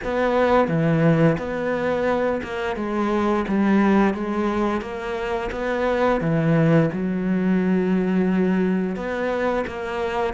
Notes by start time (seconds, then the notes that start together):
0.03 B3
0.68 E3
1.38 B3
2.43 A#3
2.76 G#3
3.48 G3
4.14 G#3
4.81 A#3
5.51 B3
6.20 E3
6.92 F#3
8.95 B3
9.66 A#3